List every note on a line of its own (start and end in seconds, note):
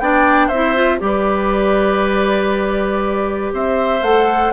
0.00 0.51 B3
0.00 0.52 D4
0.00 0.48 D5
0.00 0.49 G5
0.48 1.01 C4
0.48 0.98 C5
0.48 0.99 E5
0.54 0.75 E4
0.75 0.99 F4
0.99 3.53 G3
0.99 4.02 G4
0.99 3.54 B4
0.99 3.52 D5
3.53 4.02 C4
3.53 4.54 C5
3.53 4.03 E5
4.02 4.53 A3
4.02 4.54 A4
4.02 4.54 F#5